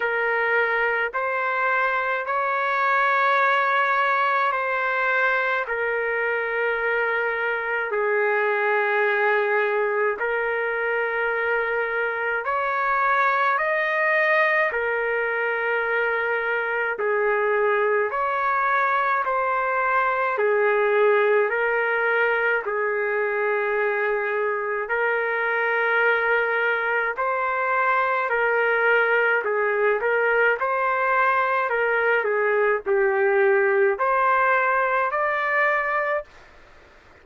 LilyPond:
\new Staff \with { instrumentName = "trumpet" } { \time 4/4 \tempo 4 = 53 ais'4 c''4 cis''2 | c''4 ais'2 gis'4~ | gis'4 ais'2 cis''4 | dis''4 ais'2 gis'4 |
cis''4 c''4 gis'4 ais'4 | gis'2 ais'2 | c''4 ais'4 gis'8 ais'8 c''4 | ais'8 gis'8 g'4 c''4 d''4 | }